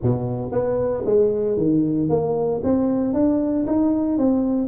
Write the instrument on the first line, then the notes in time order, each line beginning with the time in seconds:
tuba
0.02 B2
0.51 B3
1.05 G#3
1.57 D#3
2.09 A#3
2.63 C4
3.13 D4
3.66 D#4
4.18 C4